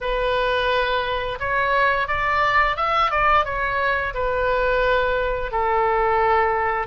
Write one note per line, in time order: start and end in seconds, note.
0.01 1.39 B4
1.39 2.07 C#5
2.07 2.76 D5
2.76 3.10 E5
3.10 3.45 D5
3.45 4.13 C#5
4.14 5.51 B4
5.51 6.86 A4